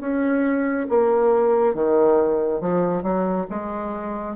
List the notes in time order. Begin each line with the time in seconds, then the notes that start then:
0.00 C#4
0.89 A#3
1.75 D#3
2.61 F3
3.03 F#3
3.50 G#3